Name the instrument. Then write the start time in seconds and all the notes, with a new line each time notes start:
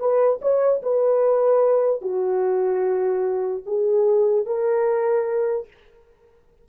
horn
0.00 B4
0.42 C#5
0.83 B4
2.02 F#4
3.66 G#4
4.46 A#4